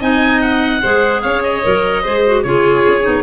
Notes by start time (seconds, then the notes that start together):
0.00 C4 D#4 D#5 G#5
0.42 F#5
0.81 G#3 G#4 C5
1.22 C#4 C#5 F5
1.43 D#5
1.63 F#3 A#4
2.03 G#3 G#4 C5
2.26 F#4
2.43 C#3 F4 G#4 C#5
2.88 C#4
3.02 B3 D#4